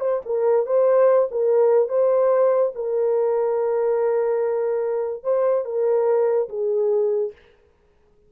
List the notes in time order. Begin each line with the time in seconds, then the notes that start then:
0.00 C5
0.25 A#4
0.66 C5
1.31 A#4
1.88 C5
2.75 A#4
5.23 C5
5.65 A#4
6.48 G#4